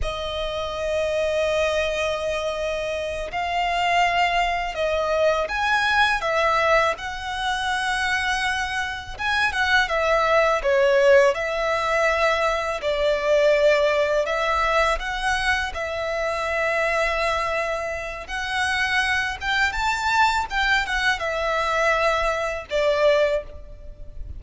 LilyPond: \new Staff \with { instrumentName = "violin" } { \time 4/4 \tempo 4 = 82 dis''1~ | dis''8 f''2 dis''4 gis''8~ | gis''8 e''4 fis''2~ fis''8~ | fis''8 gis''8 fis''8 e''4 cis''4 e''8~ |
e''4. d''2 e''8~ | e''8 fis''4 e''2~ e''8~ | e''4 fis''4. g''8 a''4 | g''8 fis''8 e''2 d''4 | }